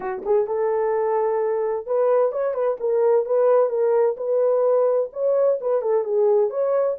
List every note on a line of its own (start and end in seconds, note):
0.00 0.22 F#4
0.25 0.46 G#4
0.46 1.86 A4
1.86 2.32 B4
2.32 2.54 C#5
2.54 2.77 B4
2.80 3.25 A#4
3.25 3.69 B4
3.69 4.16 A#4
4.16 5.09 B4
5.12 5.59 C#5
5.60 5.81 B4
5.81 6.03 A4
6.03 6.50 G#4
6.50 6.96 C#5